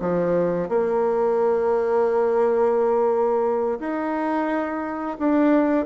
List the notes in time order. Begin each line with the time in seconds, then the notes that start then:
0.00 F3
0.69 A#3
3.80 D#4
5.19 D4